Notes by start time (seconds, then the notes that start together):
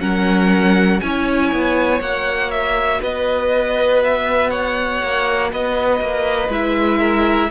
0.00 F#3 C#4 A#4 F#5
1.01 C#4 E4 C#5 G#5
1.52 B3
2.00 A#3 F#4 F#5
2.51 E5
3.01 B3 B4 D#5
4.04 E5
4.51 C#5 F#5
5.03 A#3
5.52 B3 B4 D#5
6.01 A#3
6.48 G#3 E4 E5
6.99 A#4